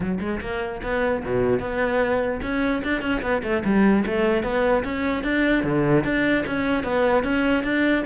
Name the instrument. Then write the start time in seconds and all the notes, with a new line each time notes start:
cello
0.00 F#3
0.20 G#3
0.40 A#3
0.83 B3
1.24 B2
1.59 B3
2.42 C#4
2.83 D4
3.01 C#4
3.22 B3
3.43 A3
3.64 G3
4.06 A3
4.43 B3
4.84 C#4
5.23 D4
5.63 D3
6.04 D4
6.46 C#4
6.83 B3
7.23 C#4
7.63 D4